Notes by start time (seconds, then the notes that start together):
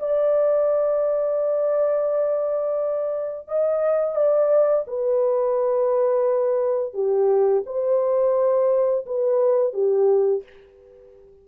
0.00 D5
3.48 D#5
4.15 D5
4.87 B4
6.94 G4
7.66 C5
9.06 B4
9.74 G4